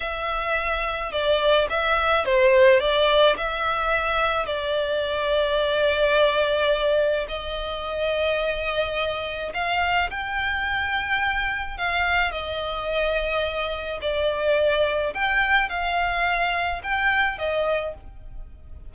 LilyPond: \new Staff \with { instrumentName = "violin" } { \time 4/4 \tempo 4 = 107 e''2 d''4 e''4 | c''4 d''4 e''2 | d''1~ | d''4 dis''2.~ |
dis''4 f''4 g''2~ | g''4 f''4 dis''2~ | dis''4 d''2 g''4 | f''2 g''4 dis''4 | }